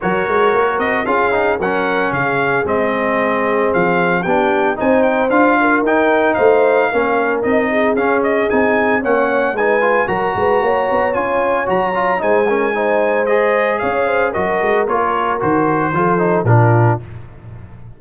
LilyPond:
<<
  \new Staff \with { instrumentName = "trumpet" } { \time 4/4 \tempo 4 = 113 cis''4. dis''8 f''4 fis''4 | f''4 dis''2 f''4 | g''4 gis''8 g''8 f''4 g''4 | f''2 dis''4 f''8 dis''8 |
gis''4 fis''4 gis''4 ais''4~ | ais''4 gis''4 ais''4 gis''4~ | gis''4 dis''4 f''4 dis''4 | cis''4 c''2 ais'4 | }
  \new Staff \with { instrumentName = "horn" } { \time 4/4 ais'2 gis'4 ais'4 | gis'1 | g'4 c''4. ais'4. | c''4 ais'4. gis'4.~ |
gis'4 cis''4 b'4 ais'8 b'8 | cis''2. c''8 ais'8 | c''2 cis''8 c''8 ais'4~ | ais'2 a'4 f'4 | }
  \new Staff \with { instrumentName = "trombone" } { \time 4/4 fis'2 f'8 dis'8 cis'4~ | cis'4 c'2. | d'4 dis'4 f'4 dis'4~ | dis'4 cis'4 dis'4 cis'4 |
dis'4 cis'4 dis'8 f'8 fis'4~ | fis'4 f'4 fis'8 f'8 dis'8 cis'8 | dis'4 gis'2 fis'4 | f'4 fis'4 f'8 dis'8 d'4 | }
  \new Staff \with { instrumentName = "tuba" } { \time 4/4 fis8 gis8 ais8 c'8 cis'4 fis4 | cis4 gis2 f4 | b4 c'4 d'4 dis'4 | a4 ais4 c'4 cis'4 |
c'4 ais4 gis4 fis8 gis8 | ais8 b8 cis'4 fis4 gis4~ | gis2 cis'4 fis8 gis8 | ais4 dis4 f4 ais,4 | }
>>